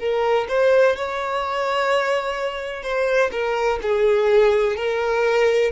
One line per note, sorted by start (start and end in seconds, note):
0.00 0.48 A#4
0.49 0.97 C5
0.97 2.83 C#5
2.83 3.31 C5
3.32 3.80 A#4
3.83 4.76 G#4
4.76 5.71 A#4